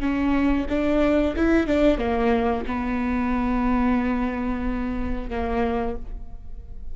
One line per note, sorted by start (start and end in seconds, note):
0.00 0.66 C#4
0.69 1.35 D4
1.36 1.67 E4
1.67 1.98 D4
1.98 2.64 A#3
2.66 5.30 B3
5.30 5.96 A#3